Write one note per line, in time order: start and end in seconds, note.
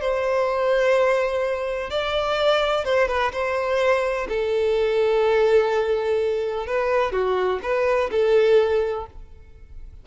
0.00 1.90 C5
1.90 2.84 D5
2.84 3.08 C5
3.08 3.31 B4
3.32 4.27 C5
4.28 6.66 A4
6.66 7.12 B4
7.12 7.60 F#4
7.62 8.10 B4
8.11 9.06 A4